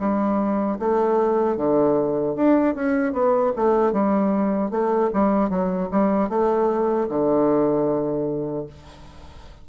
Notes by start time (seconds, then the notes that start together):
0.00 G3
0.79 A3
1.57 D3
2.36 D4
2.75 C#4
3.13 B3
3.56 A3
3.93 G3
4.71 A3
5.14 G3
5.50 F#3
5.91 G3
6.29 A3
7.09 D3